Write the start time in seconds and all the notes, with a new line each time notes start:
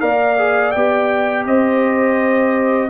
0.00 A#3 A#4 D5 F5
0.37 G#4
0.71 B3 G4 G5
1.45 C4 C5 D#5